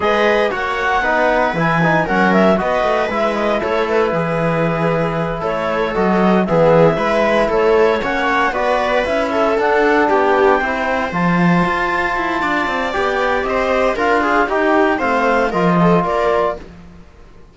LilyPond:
<<
  \new Staff \with { instrumentName = "clarinet" } { \time 4/4 \tempo 4 = 116 dis''4 fis''2 gis''4 | fis''8 e''8 dis''4 e''8 dis''8 cis''8 b'8~ | b'2~ b'8 cis''4 dis''8~ | dis''8 e''2 cis''4 fis''8~ |
fis''8 d''4 e''4 fis''4 g''8~ | g''4. a''2~ a''8~ | a''4 g''4 dis''4 f''4 | g''4 f''4 dis''4 d''4 | }
  \new Staff \with { instrumentName = "viola" } { \time 4/4 b'4 cis''4 b'2 | ais'4 b'2 a'4 | gis'2~ gis'8 a'4.~ | a'8 gis'4 b'4 a'4 cis''8~ |
cis''8 b'4. a'4. g'8~ | g'8 c''2.~ c''8 | d''2 c''4 ais'8 gis'8 | g'4 c''4 ais'8 a'8 ais'4 | }
  \new Staff \with { instrumentName = "trombone" } { \time 4/4 gis'4 fis'4 dis'4 e'8 dis'8 | cis'4 fis'4 e'2~ | e'2.~ e'8 fis'8~ | fis'8 b4 e'2 cis'8~ |
cis'8 fis'4 e'4 d'4.~ | d'8 e'4 f'2~ f'8~ | f'4 g'2 f'4 | dis'4 c'4 f'2 | }
  \new Staff \with { instrumentName = "cello" } { \time 4/4 gis4 ais4 b4 e4 | fis4 b8 a8 gis4 a4 | e2~ e8 a4 fis8~ | fis8 e4 gis4 a4 ais8~ |
ais8 b4 cis'4 d'4 b8~ | b8 c'4 f4 f'4 e'8 | d'8 c'8 b4 c'4 d'4 | dis'4 a4 f4 ais4 | }
>>